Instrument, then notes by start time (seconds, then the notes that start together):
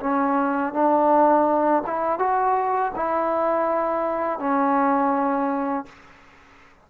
trombone
0.00 C#4
0.73 D4
1.86 E4
2.19 F#4
2.96 E4
4.39 C#4